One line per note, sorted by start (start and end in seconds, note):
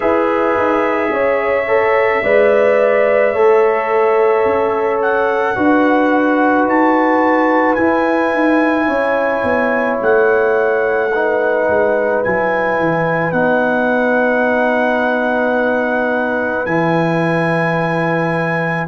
0.00 0.57 E4
0.00 1.63 G#4
0.00 1.09 B4
0.00 4.99 E5
0.57 1.10 D#4
1.10 2.21 C#4
1.10 2.22 C#5
1.67 2.23 A4
2.22 3.33 G#3
2.22 3.34 B4
2.22 3.32 D5
3.32 4.44 A3
3.32 5.55 A4
3.32 5.55 C#5
4.45 5.56 C#4
5.01 6.68 F#5
5.55 6.64 D4
5.55 7.77 F#4
5.55 8.87 B4
6.64 7.75 D#4
6.64 7.75 A5
7.75 11.10 E4
7.75 8.33 E4
7.75 9.97 G#5
8.33 8.87 D#4
8.87 9.43 C#4
8.87 11.09 C#5
9.43 9.98 B3
10.01 11.68 A3
10.01 12.23 F#5
11.11 12.24 D#4
11.11 18.87 B4
11.68 12.23 G#3
12.23 12.79 F#3
12.23 13.32 E4
12.23 13.32 G#5
12.79 13.32 E3
13.32 16.65 B3
13.32 16.66 D#4
13.32 16.65 F#5
16.65 18.87 E3
16.65 18.87 E4
16.65 18.87 G#5